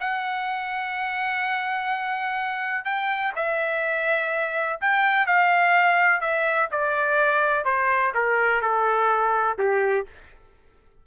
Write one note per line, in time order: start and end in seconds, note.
0.00 2.85 F#5
2.85 3.33 G5
3.36 4.80 E5
4.81 5.26 G5
5.26 6.21 F5
6.21 6.69 E5
6.71 7.65 D5
7.65 8.13 C5
8.14 8.61 A#4
8.61 9.57 A4
9.58 10.06 G4